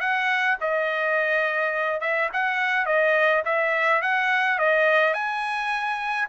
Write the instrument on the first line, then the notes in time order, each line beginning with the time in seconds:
trumpet
0.00 F#5
0.61 D#5
2.00 E5
2.32 F#5
2.86 D#5
3.44 E5
4.02 F#5
4.58 D#5
5.14 G#5